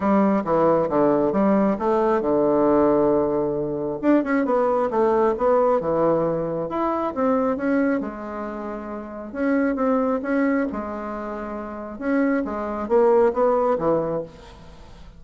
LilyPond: \new Staff \with { instrumentName = "bassoon" } { \time 4/4 \tempo 4 = 135 g4 e4 d4 g4 | a4 d2.~ | d4 d'8 cis'8 b4 a4 | b4 e2 e'4 |
c'4 cis'4 gis2~ | gis4 cis'4 c'4 cis'4 | gis2. cis'4 | gis4 ais4 b4 e4 | }